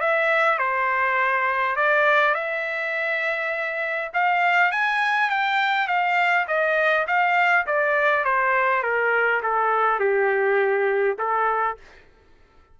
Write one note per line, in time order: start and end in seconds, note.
0.00 0.58 E5
0.58 1.76 C5
1.76 2.34 D5
2.34 4.11 E5
4.13 4.71 F5
4.71 5.30 G#5
5.30 5.87 G5
5.87 6.46 F5
6.47 7.06 D#5
7.07 7.66 F5
7.66 8.24 D5
8.24 8.82 C5
8.82 9.41 A#4
9.43 9.99 A4
9.99 11.17 G4
11.18 11.77 A4